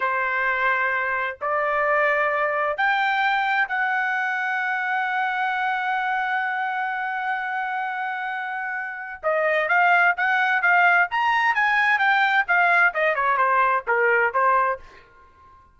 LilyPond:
\new Staff \with { instrumentName = "trumpet" } { \time 4/4 \tempo 4 = 130 c''2. d''4~ | d''2 g''2 | fis''1~ | fis''1~ |
fis''1 | dis''4 f''4 fis''4 f''4 | ais''4 gis''4 g''4 f''4 | dis''8 cis''8 c''4 ais'4 c''4 | }